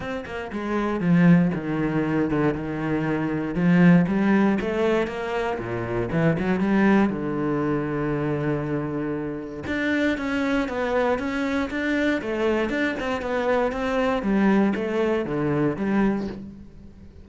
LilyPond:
\new Staff \with { instrumentName = "cello" } { \time 4/4 \tempo 4 = 118 c'8 ais8 gis4 f4 dis4~ | dis8 d8 dis2 f4 | g4 a4 ais4 ais,4 | e8 fis8 g4 d2~ |
d2. d'4 | cis'4 b4 cis'4 d'4 | a4 d'8 c'8 b4 c'4 | g4 a4 d4 g4 | }